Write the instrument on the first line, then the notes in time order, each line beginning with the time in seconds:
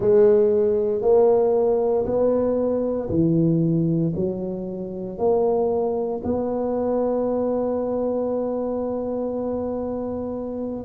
tuba
0.00 G#3
1.01 A#3
2.05 B3
3.09 E3
4.15 F#3
5.17 A#3
6.24 B3